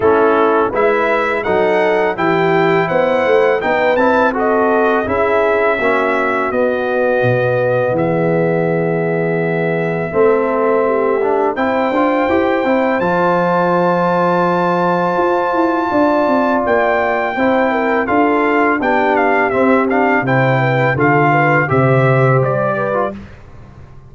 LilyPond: <<
  \new Staff \with { instrumentName = "trumpet" } { \time 4/4 \tempo 4 = 83 a'4 e''4 fis''4 g''4 | fis''4 g''8 a''8 dis''4 e''4~ | e''4 dis''2 e''4~ | e''1 |
g''2 a''2~ | a''2. g''4~ | g''4 f''4 g''8 f''8 e''8 f''8 | g''4 f''4 e''4 d''4 | }
  \new Staff \with { instrumentName = "horn" } { \time 4/4 e'4 b'4 a'4 g'4 | c''4 b'4 a'4 gis'4 | fis'2. gis'4~ | gis'2 a'4 g'4 |
c''1~ | c''2 d''2 | c''8 ais'8 a'4 g'2 | c''8 b'8 a'8 b'8 c''4. b'8 | }
  \new Staff \with { instrumentName = "trombone" } { \time 4/4 cis'4 e'4 dis'4 e'4~ | e'4 dis'8 e'8 fis'4 e'4 | cis'4 b2.~ | b2 c'4. d'8 |
e'8 f'8 g'8 e'8 f'2~ | f'1 | e'4 f'4 d'4 c'8 d'8 | e'4 f'4 g'4.~ g'16 f'16 | }
  \new Staff \with { instrumentName = "tuba" } { \time 4/4 a4 gis4 fis4 e4 | b8 a8 b8 c'4. cis'4 | ais4 b4 b,4 e4~ | e2 a2 |
c'8 d'8 e'8 c'8 f2~ | f4 f'8 e'8 d'8 c'8 ais4 | c'4 d'4 b4 c'4 | c4 d4 c4 g4 | }
>>